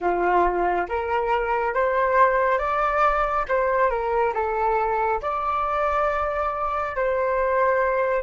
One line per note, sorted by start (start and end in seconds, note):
0.00 0.87 F4
0.88 1.74 A#4
1.74 2.58 C5
2.58 3.45 D5
3.48 3.89 C5
3.89 4.33 A#4
4.34 5.21 A4
5.21 6.95 D5
6.95 8.22 C5